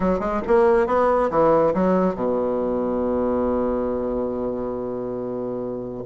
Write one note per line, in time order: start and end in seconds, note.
0.00 0.19 F#3
0.19 0.41 G#3
0.47 0.87 A#3
0.87 1.30 B3
1.30 1.73 E3
1.74 2.15 F#3
2.15 6.03 B2